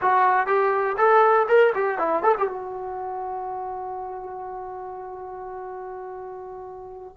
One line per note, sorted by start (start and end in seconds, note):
0.01 0.46 F#4
0.46 0.96 G4
0.97 1.47 A4
1.48 1.73 A#4
1.75 1.98 G4
1.98 2.22 E4
2.22 2.35 A4
2.38 2.47 G4
2.47 7.17 F#4